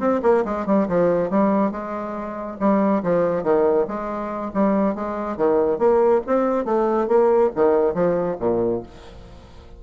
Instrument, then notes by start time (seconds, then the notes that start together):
bassoon
0.00 C4
0.23 A#3
0.45 G#3
0.67 G3
0.88 F3
1.30 G3
1.72 G#3
2.60 G3
3.03 F3
3.44 D#3
3.88 G#3
4.54 G3
4.95 G#3
5.37 D#3
5.79 A#3
6.27 C4
6.65 A3
7.08 A#3
7.56 D#3
7.95 F3
8.40 A#2